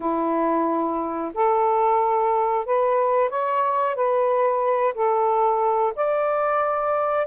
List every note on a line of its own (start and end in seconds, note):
0.00 1.32 E4
1.34 2.65 A4
2.65 3.29 B4
3.29 3.95 C#5
3.95 4.94 B4
4.94 5.93 A4
5.95 7.26 D5